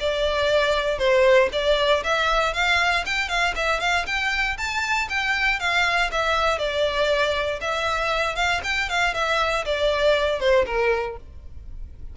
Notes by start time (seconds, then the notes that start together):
0.00 D5
0.98 C5
1.52 D5
2.03 E5
2.54 F5
3.06 G5
3.29 F5
3.56 E5
3.80 F5
4.06 G5
4.57 A5
5.09 G5
5.60 F5
6.12 E5
6.58 D5
7.61 E5
8.36 F5
8.64 G5
8.89 F5
9.14 E5
9.65 D5
10.40 C5
10.66 A#4